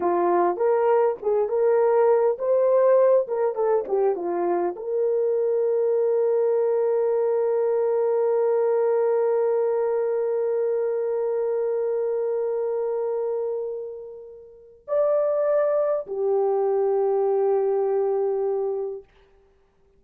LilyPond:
\new Staff \with { instrumentName = "horn" } { \time 4/4 \tempo 4 = 101 f'4 ais'4 gis'8 ais'4. | c''4. ais'8 a'8 g'8 f'4 | ais'1~ | ais'1~ |
ais'1~ | ais'1~ | ais'4 d''2 g'4~ | g'1 | }